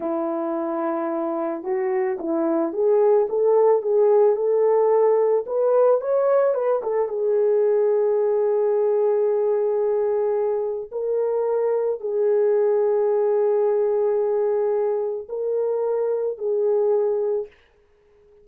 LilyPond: \new Staff \with { instrumentName = "horn" } { \time 4/4 \tempo 4 = 110 e'2. fis'4 | e'4 gis'4 a'4 gis'4 | a'2 b'4 cis''4 | b'8 a'8 gis'2.~ |
gis'1 | ais'2 gis'2~ | gis'1 | ais'2 gis'2 | }